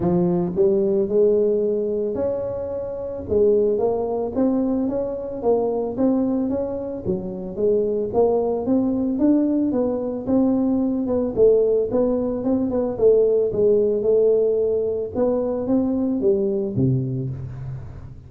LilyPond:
\new Staff \with { instrumentName = "tuba" } { \time 4/4 \tempo 4 = 111 f4 g4 gis2 | cis'2 gis4 ais4 | c'4 cis'4 ais4 c'4 | cis'4 fis4 gis4 ais4 |
c'4 d'4 b4 c'4~ | c'8 b8 a4 b4 c'8 b8 | a4 gis4 a2 | b4 c'4 g4 c4 | }